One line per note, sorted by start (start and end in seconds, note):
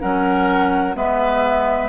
0.00 0.95 F#3
0.00 0.94 C#4
0.00 0.95 A#4
0.00 0.96 F#5
0.94 1.88 G#3
0.94 1.88 B3
0.94 1.88 B4
0.94 1.88 E5